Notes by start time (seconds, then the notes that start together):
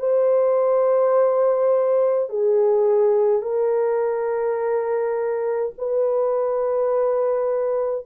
0.00 C5
2.30 G#4
3.42 A#4
5.78 B4